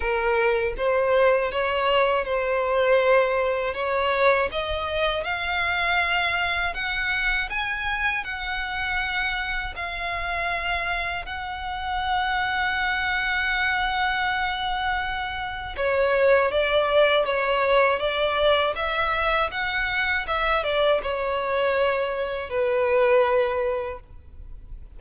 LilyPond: \new Staff \with { instrumentName = "violin" } { \time 4/4 \tempo 4 = 80 ais'4 c''4 cis''4 c''4~ | c''4 cis''4 dis''4 f''4~ | f''4 fis''4 gis''4 fis''4~ | fis''4 f''2 fis''4~ |
fis''1~ | fis''4 cis''4 d''4 cis''4 | d''4 e''4 fis''4 e''8 d''8 | cis''2 b'2 | }